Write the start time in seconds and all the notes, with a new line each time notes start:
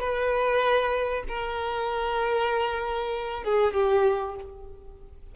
0.00 B4
1.28 A#4
3.44 G#4
3.74 G4